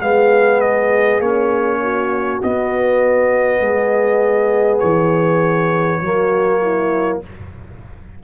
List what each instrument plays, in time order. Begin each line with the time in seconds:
0.00 tuba G#3, trombone B3, horn G#4, trumpet F5
0.60 trumpet D#5
1.19 tuba A#3, trombone C#4, trumpet C#5
1.82 horn F#4
2.43 tuba B3, trombone B3, trumpet D#5
3.60 tuba G#3, horn G#4
4.79 tuba E3, trumpet C#5
6.01 tuba F#3, trombone A#3, horn F#4
6.62 horn E4